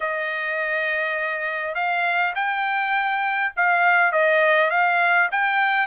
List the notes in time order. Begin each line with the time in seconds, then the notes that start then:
0.00 D#5
1.74 F5
2.35 G5
3.56 F5
4.12 D#5
4.70 F5
5.31 G5